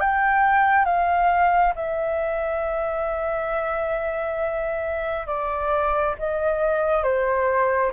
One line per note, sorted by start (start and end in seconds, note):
0.00 0.85 G5
0.85 1.73 F5
1.75 5.27 E5
5.27 6.15 D5
6.18 7.03 D#5
7.03 7.91 C5